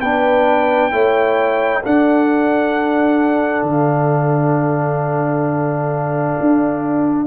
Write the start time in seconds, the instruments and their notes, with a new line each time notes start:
0.00 tuba B3, trombone D4, horn B4, trumpet G5
0.91 tuba A3, trombone E4, horn C#5
1.83 trombone D4, tuba D4, horn A4, trumpet F#5
3.63 tuba D3, trumpet F5
6.40 tuba D4